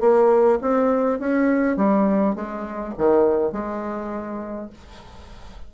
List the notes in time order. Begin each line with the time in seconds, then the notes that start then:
0.00 A#3
0.61 C4
1.19 C#4
1.76 G3
2.35 G#3
2.98 D#3
3.52 G#3